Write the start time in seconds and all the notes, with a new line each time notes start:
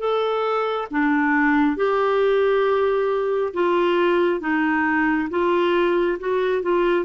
0.00 A4
0.91 D4
1.77 G4
3.54 F4
4.41 D#4
5.30 F4
6.19 F#4
6.63 F4